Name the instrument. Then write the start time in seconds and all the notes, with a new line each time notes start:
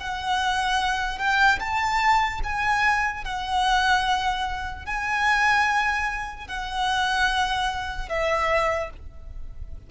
violin
0.00 F#5
1.18 G5
1.60 A5
2.44 G#5
3.24 F#5
4.86 G#5
6.48 F#5
8.09 E5